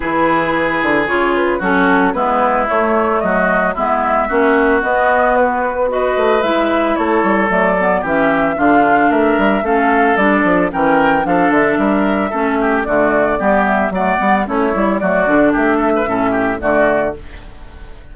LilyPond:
<<
  \new Staff \with { instrumentName = "flute" } { \time 4/4 \tempo 4 = 112 b'2 cis''8 b'8 a'4 | b'4 cis''4 dis''4 e''4~ | e''4 dis''4 b'4 dis''4 | e''4 cis''4 d''4 e''4 |
f''4 e''4 f''4 d''4 | g''4 f''8 e''2~ e''8 | d''4. e''8 fis''4 cis''4 | d''4 e''2 d''4 | }
  \new Staff \with { instrumentName = "oboe" } { \time 4/4 gis'2. fis'4 | e'2 fis'4 e'4 | fis'2. b'4~ | b'4 a'2 g'4 |
f'4 ais'4 a'2 | ais'4 a'4 ais'4 a'8 g'8 | fis'4 g'4 d''4 e'4 | fis'4 g'8 a'16 b'16 a'8 g'8 fis'4 | }
  \new Staff \with { instrumentName = "clarinet" } { \time 4/4 e'2 f'4 cis'4 | b4 a2 b4 | cis'4 b2 fis'4 | e'2 a8 b8 cis'4 |
d'2 cis'4 d'4 | cis'4 d'2 cis'4 | a4 b4 a8 b8 cis'8 e'8 | a8 d'4. cis'4 a4 | }
  \new Staff \with { instrumentName = "bassoon" } { \time 4/4 e4. d8 cis4 fis4 | gis4 a4 fis4 gis4 | ais4 b2~ b8 a8 | gis4 a8 g8 fis4 e4 |
d4 a8 g8 a4 g8 f8 | e4 f8 d8 g4 a4 | d4 g4 fis8 g8 a8 g8 | fis8 d8 a4 a,4 d4 | }
>>